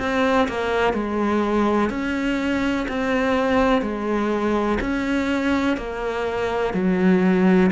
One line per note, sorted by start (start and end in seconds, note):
0.00 0.48 C4
0.49 0.94 A#3
0.94 1.90 G#3
1.90 2.87 C#4
2.89 3.82 C4
3.82 4.79 G#3
4.81 5.78 C#4
5.78 6.74 A#3
6.74 7.71 F#3